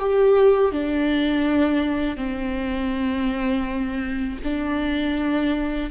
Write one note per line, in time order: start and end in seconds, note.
0.00 0.72 G4
0.72 2.17 D4
2.17 4.39 C4
4.44 5.91 D4